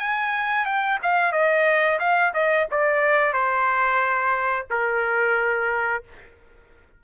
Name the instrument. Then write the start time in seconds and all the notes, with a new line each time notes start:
trumpet
0.00 G#5
0.66 G5
1.03 F5
1.33 D#5
2.00 F5
2.34 D#5
2.72 D5
3.34 C5
4.71 A#4